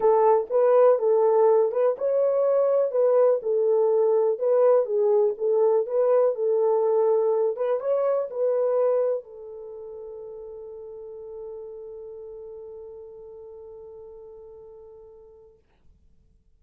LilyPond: \new Staff \with { instrumentName = "horn" } { \time 4/4 \tempo 4 = 123 a'4 b'4 a'4. b'8 | cis''2 b'4 a'4~ | a'4 b'4 gis'4 a'4 | b'4 a'2~ a'8 b'8 |
cis''4 b'2 a'4~ | a'1~ | a'1~ | a'1 | }